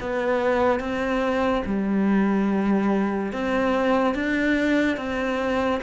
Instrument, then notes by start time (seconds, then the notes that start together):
cello
0.00 B3
0.80 C4
1.66 G3
3.32 C4
4.14 D4
4.97 C4